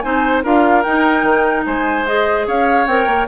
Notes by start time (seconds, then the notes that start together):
0.00 C4 D#4 C5 G#5
0.43 D4 F4 A#4 F5
0.83 D#4 G5
1.23 D#3
1.66 G#3 C5 G#5
2.06 G#4 D#5
2.47 C#4 C#5 F5
2.86 C4 A#4 G5
3.06 A#3